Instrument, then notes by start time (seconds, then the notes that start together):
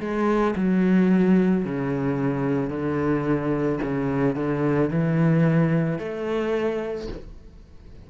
cello
0.00 G#3
0.56 F#3
1.65 C#3
2.70 D3
3.82 C#3
4.35 D3
4.90 E3
5.99 A3